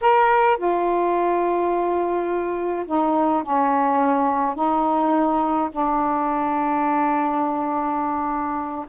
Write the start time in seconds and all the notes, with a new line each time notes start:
0.01 A#4
0.57 F4
2.86 D#4
3.43 C#4
4.55 D#4
5.71 D4